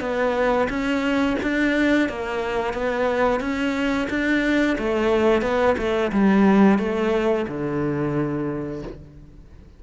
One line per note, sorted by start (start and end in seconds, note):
0.00 0.67 B3
0.69 1.36 C#4
1.42 2.09 D4
2.09 2.73 A#3
2.73 3.40 B3
3.40 4.07 C#4
4.09 4.77 D4
4.78 5.41 A3
5.41 5.75 B3
5.77 6.11 A3
6.12 6.78 G3
6.78 7.46 A3
7.47 8.82 D3